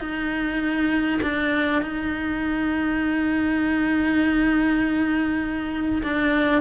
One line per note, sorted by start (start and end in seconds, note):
0.00 1.20 D#4
1.22 1.82 D4
1.82 6.02 D#4
6.03 6.61 D4